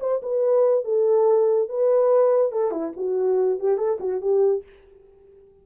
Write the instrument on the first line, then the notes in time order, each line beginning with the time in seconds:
horn
0.00 C5
0.22 B4
0.84 A4
1.69 B4
2.52 A4
2.71 E4
2.96 F#4
3.59 G4
3.77 A4
4.00 F#4
4.21 G4